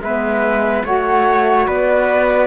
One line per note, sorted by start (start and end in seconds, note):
0.00 0.82 G#3
0.00 0.84 B3
0.00 0.85 B4
0.00 0.83 E5
0.84 1.67 A3
0.84 2.47 F#4
0.84 1.67 C#5
0.84 1.66 F#5
1.67 2.47 B3
1.67 2.47 B4
1.67 2.47 D5